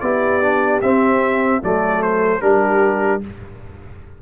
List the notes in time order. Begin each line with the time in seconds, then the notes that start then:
0.00 B3 E4 G4 D5
0.42 D4
0.81 C4 E5
1.62 F#3 A3 A4 D5
2.02 C5
2.41 G3 D4 G4 A#4